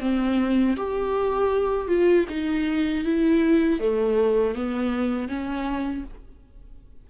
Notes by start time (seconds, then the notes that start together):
0.00 C4
0.76 G4
1.88 F4
2.29 D#4
3.04 E4
3.79 A3
4.55 B3
5.28 C#4